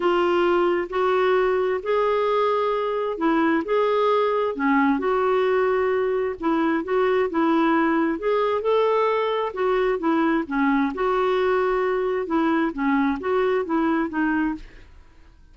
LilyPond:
\new Staff \with { instrumentName = "clarinet" } { \time 4/4 \tempo 4 = 132 f'2 fis'2 | gis'2. e'4 | gis'2 cis'4 fis'4~ | fis'2 e'4 fis'4 |
e'2 gis'4 a'4~ | a'4 fis'4 e'4 cis'4 | fis'2. e'4 | cis'4 fis'4 e'4 dis'4 | }